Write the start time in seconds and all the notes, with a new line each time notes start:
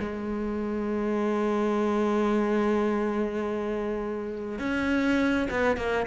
0.00 G#3
4.59 C#4
5.51 B3
5.77 A#3